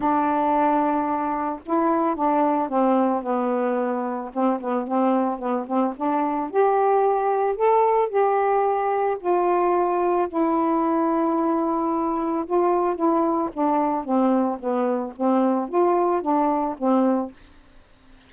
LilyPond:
\new Staff \with { instrumentName = "saxophone" } { \time 4/4 \tempo 4 = 111 d'2. e'4 | d'4 c'4 b2 | c'8 b8 c'4 b8 c'8 d'4 | g'2 a'4 g'4~ |
g'4 f'2 e'4~ | e'2. f'4 | e'4 d'4 c'4 b4 | c'4 f'4 d'4 c'4 | }